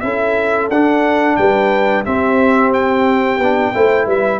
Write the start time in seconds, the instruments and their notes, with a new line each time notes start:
0.00 tuba C#4, trombone E4, horn A4, trumpet E5
0.69 tuba D4, trombone D4, trumpet F#5
1.36 tuba G3, horn B4, trumpet G5
2.05 trombone C4, tuba C4, horn G4, trumpet E5
2.73 trumpet G5
3.38 tuba B3, trombone D4
3.73 tuba A3, trombone E4, horn C5
4.05 tuba G3, horn B4, trumpet E5